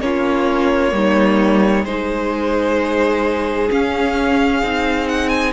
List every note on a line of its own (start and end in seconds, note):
0.00 0.92 A#3
0.00 0.90 C#4
0.00 0.95 F4
0.00 1.85 C#5
0.90 1.84 G3
0.90 1.82 A#3
0.90 1.87 D#4
1.84 3.69 G#3
1.84 3.69 D#4
1.84 5.53 G#4
1.84 3.69 C5
3.69 4.61 C#4
3.69 4.63 C#4
3.69 5.08 F5
4.63 5.53 C4
4.63 5.53 D#4
5.08 5.29 F#5
5.29 5.52 G#5